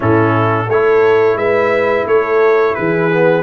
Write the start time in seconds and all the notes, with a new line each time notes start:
0.00 A2 C#4 E4 A4
0.68 A3 E4 A4 C#5
1.35 G#3 B4 E5
2.05 A3 A4 C#5
2.74 E3 G#4 B4
3.11 B3